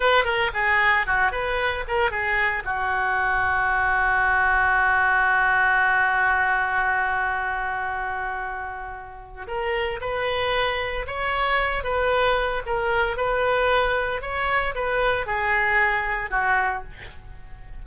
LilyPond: \new Staff \with { instrumentName = "oboe" } { \time 4/4 \tempo 4 = 114 b'8 ais'8 gis'4 fis'8 b'4 ais'8 | gis'4 fis'2.~ | fis'1~ | fis'1~ |
fis'2 ais'4 b'4~ | b'4 cis''4. b'4. | ais'4 b'2 cis''4 | b'4 gis'2 fis'4 | }